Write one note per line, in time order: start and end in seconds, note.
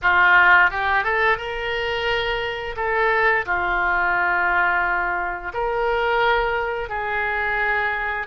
0.02 0.70 F4
0.70 1.03 G4
1.03 1.37 A4
1.37 2.75 A#4
2.76 3.45 A4
3.45 5.52 F4
5.53 6.89 A#4
6.89 8.27 G#4